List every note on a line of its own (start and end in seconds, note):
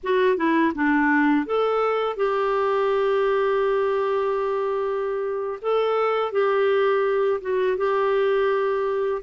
0.03 0.36 F#4
0.36 0.72 E4
0.75 1.46 D4
1.46 2.16 A4
2.16 5.59 G4
5.61 6.32 A4
6.32 7.40 G4
7.41 7.77 F#4
7.77 9.22 G4